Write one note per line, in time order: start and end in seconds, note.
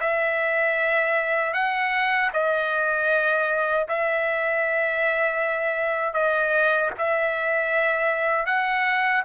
0.00 1.53 E5
1.53 2.30 F#5
2.33 3.87 D#5
3.88 6.13 E5
6.13 6.90 D#5
6.98 8.45 E5
8.45 9.22 F#5